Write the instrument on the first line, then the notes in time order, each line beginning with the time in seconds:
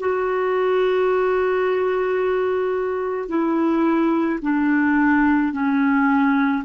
clarinet
0.00 F#4
3.28 E4
4.41 D4
5.53 C#4